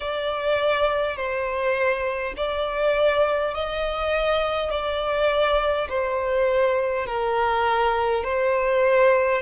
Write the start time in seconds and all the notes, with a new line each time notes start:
0.00 D5
1.16 C5
2.36 D5
3.54 D#5
4.70 D5
5.88 C5
7.06 A#4
8.24 C5